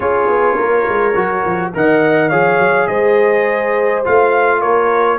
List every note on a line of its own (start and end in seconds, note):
0.00 0.27 C#4
0.00 1.13 F4
0.00 0.56 G#4
0.00 1.72 C#5
0.27 0.56 B3
0.56 0.87 A#3
0.56 1.71 A#4
0.88 1.15 G#3
1.15 1.44 F#3
1.15 1.73 F#4
1.44 1.73 F3
1.74 2.32 D#3
1.74 2.31 A#4
1.74 2.29 D#5
1.74 2.29 F#5
2.29 2.58 F3
2.29 4.04 G#4
2.29 2.87 C#5
2.29 2.87 F5
2.58 2.87 F#3
2.87 4.03 G#3
2.87 4.59 C5
2.87 4.02 D#5
4.04 4.63 A3
4.04 5.18 F4
4.04 4.61 F5
4.59 5.18 A#3
4.59 5.17 A#4
4.59 5.18 C#5